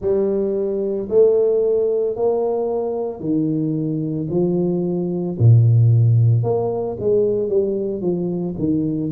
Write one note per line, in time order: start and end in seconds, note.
0.01 1.08 G3
1.09 2.15 A3
2.15 3.19 A#3
3.19 4.27 D#3
4.30 5.37 F3
5.39 6.43 A#2
6.43 6.96 A#3
6.99 7.49 G#3
7.49 8.01 G3
8.01 8.55 F3
8.58 9.11 D#3